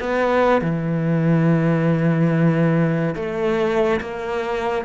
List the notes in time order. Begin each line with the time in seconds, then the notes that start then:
0.00 B3
0.62 E3
3.16 A3
4.01 A#3